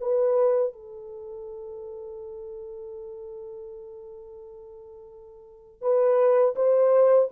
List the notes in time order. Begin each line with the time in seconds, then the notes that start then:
0.00 B4
0.73 A4
5.82 B4
6.56 C5